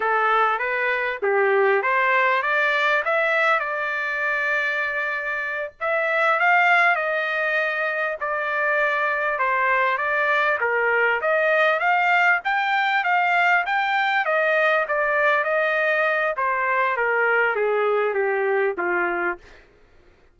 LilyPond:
\new Staff \with { instrumentName = "trumpet" } { \time 4/4 \tempo 4 = 99 a'4 b'4 g'4 c''4 | d''4 e''4 d''2~ | d''4. e''4 f''4 dis''8~ | dis''4. d''2 c''8~ |
c''8 d''4 ais'4 dis''4 f''8~ | f''8 g''4 f''4 g''4 dis''8~ | dis''8 d''4 dis''4. c''4 | ais'4 gis'4 g'4 f'4 | }